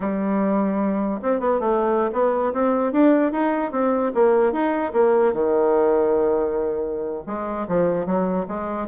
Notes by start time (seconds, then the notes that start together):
0.00 G3
1.22 C4
1.40 B3
1.60 A3
2.12 B3
2.53 C4
2.92 D4
3.32 D#4
3.71 C4
4.14 A#3
4.52 D#4
4.93 A#3
5.33 D#3
7.26 G#3
7.68 F3
8.05 F#3
8.47 G#3